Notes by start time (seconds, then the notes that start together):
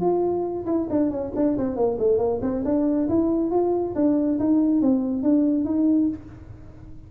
0.00 F4
0.66 E4
0.90 D4
1.10 C#4
1.35 D4
1.57 C4
1.75 A#3
1.98 A3
2.18 A#3
2.41 C4
2.65 D4
3.08 E4
3.50 F4
3.95 D4
4.39 D#4
4.81 C4
5.22 D4
5.64 D#4